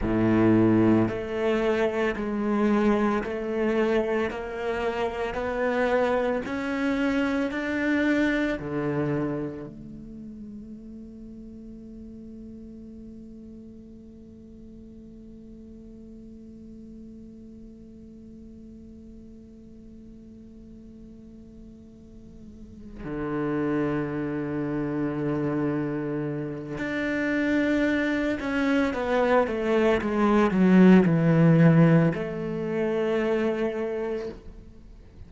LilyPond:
\new Staff \with { instrumentName = "cello" } { \time 4/4 \tempo 4 = 56 a,4 a4 gis4 a4 | ais4 b4 cis'4 d'4 | d4 a2.~ | a1~ |
a1~ | a4. d2~ d8~ | d4 d'4. cis'8 b8 a8 | gis8 fis8 e4 a2 | }